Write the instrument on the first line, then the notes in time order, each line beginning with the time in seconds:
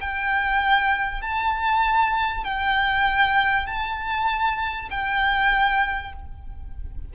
violin
0.00 G5
1.21 A5
2.44 G5
3.66 A5
4.90 G5